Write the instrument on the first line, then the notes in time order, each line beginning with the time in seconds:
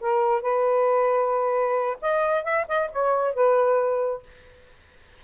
saxophone
0.00 A#4
0.41 B4
2.01 D#5
2.44 E5
2.68 D#5
2.92 C#5
3.34 B4